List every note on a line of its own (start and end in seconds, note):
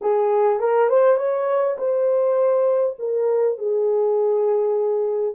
0.01 0.59 G#4
0.59 0.89 A#4
0.89 1.17 C5
1.17 1.76 C#5
1.78 2.96 C5
2.98 3.58 A#4
3.58 5.34 G#4